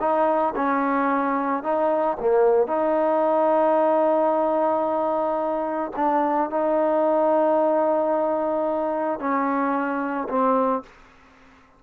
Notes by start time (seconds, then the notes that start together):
0.00 D#4
0.56 C#4
1.63 D#4
2.20 A#3
2.68 D#4
5.96 D4
6.50 D#4
9.20 C#4
10.29 C4